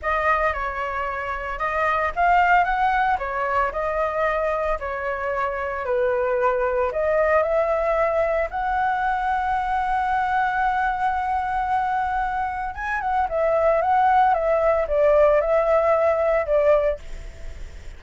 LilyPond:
\new Staff \with { instrumentName = "flute" } { \time 4/4 \tempo 4 = 113 dis''4 cis''2 dis''4 | f''4 fis''4 cis''4 dis''4~ | dis''4 cis''2 b'4~ | b'4 dis''4 e''2 |
fis''1~ | fis''1 | gis''8 fis''8 e''4 fis''4 e''4 | d''4 e''2 d''4 | }